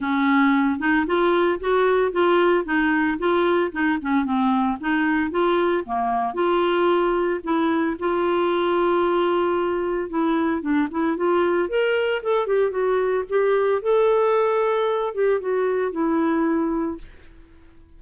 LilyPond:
\new Staff \with { instrumentName = "clarinet" } { \time 4/4 \tempo 4 = 113 cis'4. dis'8 f'4 fis'4 | f'4 dis'4 f'4 dis'8 cis'8 | c'4 dis'4 f'4 ais4 | f'2 e'4 f'4~ |
f'2. e'4 | d'8 e'8 f'4 ais'4 a'8 g'8 | fis'4 g'4 a'2~ | a'8 g'8 fis'4 e'2 | }